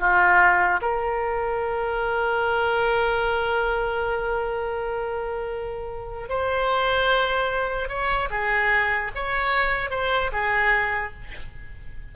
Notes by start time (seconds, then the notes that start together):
0.00 F4
0.82 A#4
6.29 C5
7.89 C#5
8.31 G#4
9.15 C#5
9.91 C5
10.33 G#4